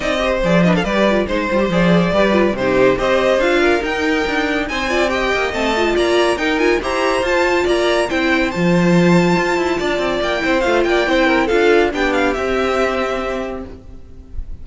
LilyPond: <<
  \new Staff \with { instrumentName = "violin" } { \time 4/4 \tempo 4 = 141 dis''4 d''8 dis''16 f''16 d''4 c''4 | d''2 c''4 dis''4 | f''4 g''2 gis''4 | g''4 a''4 ais''4 g''8 gis''8 |
ais''4 a''4 ais''4 g''4 | a''1 | g''4 f''8 g''4. f''4 | g''8 f''8 e''2. | }
  \new Staff \with { instrumentName = "violin" } { \time 4/4 d''8 c''4 b'16 a'16 b'4 c''4~ | c''4 b'4 g'4 c''4~ | c''8 ais'2~ ais'8 c''8 d''8 | dis''2 d''4 ais'4 |
c''2 d''4 c''4~ | c''2. d''4~ | d''8 c''4 d''8 c''8 ais'8 a'4 | g'1 | }
  \new Staff \with { instrumentName = "viola" } { \time 4/4 dis'8 g'8 gis'8 d'8 g'8 f'8 dis'8 f'16 g'16 | gis'4 g'8 f'8 dis'4 g'4 | f'4 dis'2~ dis'8 f'8 | g'4 c'8 f'4. dis'8 f'8 |
g'4 f'2 e'4 | f'1~ | f'8 e'8 f'4 e'4 f'4 | d'4 c'2. | }
  \new Staff \with { instrumentName = "cello" } { \time 4/4 c'4 f4 g4 gis8 g8 | f4 g4 c4 c'4 | d'4 dis'4 d'4 c'4~ | c'8 ais8 a4 ais4 dis'4 |
e'4 f'4 ais4 c'4 | f2 f'8 e'8 d'8 c'8 | ais8 c'8 a8 ais8 c'4 d'4 | b4 c'2. | }
>>